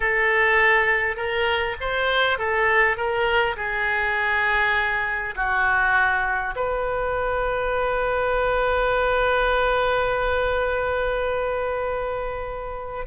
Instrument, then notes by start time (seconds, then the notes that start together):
oboe
0.00 A4
1.16 A#4
1.80 C5
2.38 A4
2.96 A#4
3.56 G#4
5.35 F#4
6.55 B4